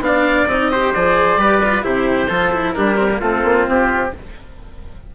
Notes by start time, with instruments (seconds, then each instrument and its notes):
0.00 bassoon B3, cello D4, oboe F5
0.08 trumpet D5
0.48 bassoon C4, cello D#4, oboe D#5
0.72 cello G4, trumpet C5
0.94 bassoon F3, cello G#4, oboe D5
1.37 bassoon G3, cello G4, trumpet B4
1.65 cello F4
1.83 bassoon C3, cello E4, trumpet G4, oboe C5
2.29 bassoon F3, cello F4, trumpet A4
2.53 cello E4
2.73 bassoon G3, cello D4, trumpet G4, oboe A#4
2.97 cello C4
3.11 cello A#3
3.21 bassoon A3, cello C4, trumpet F4, oboe A4
3.44 bassoon A#3
3.68 bassoon C4, oboe G4